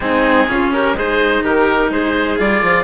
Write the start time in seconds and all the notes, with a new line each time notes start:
0.00 G#3 C4 D#4 G#4
0.47 C#3 C#4 F4
0.72 G4 A#4
0.93 G#3 D#4 G#4 C5
1.43 D#3 G4 A#4
1.89 G#3 G#4 C5
2.38 G3 F4 D5
2.62 F3